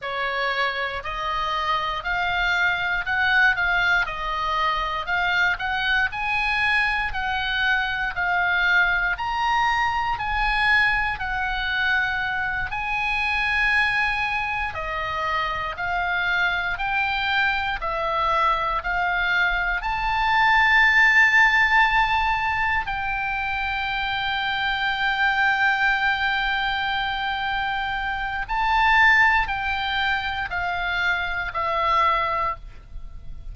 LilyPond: \new Staff \with { instrumentName = "oboe" } { \time 4/4 \tempo 4 = 59 cis''4 dis''4 f''4 fis''8 f''8 | dis''4 f''8 fis''8 gis''4 fis''4 | f''4 ais''4 gis''4 fis''4~ | fis''8 gis''2 dis''4 f''8~ |
f''8 g''4 e''4 f''4 a''8~ | a''2~ a''8 g''4.~ | g''1 | a''4 g''4 f''4 e''4 | }